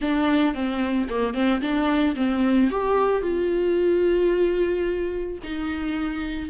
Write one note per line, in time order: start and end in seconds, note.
0.01 0.54 D4
0.54 1.08 C4
1.09 1.33 A#3
1.33 1.60 C4
1.61 2.15 D4
2.16 2.70 C4
2.70 3.22 G4
3.22 5.38 F4
5.43 6.49 D#4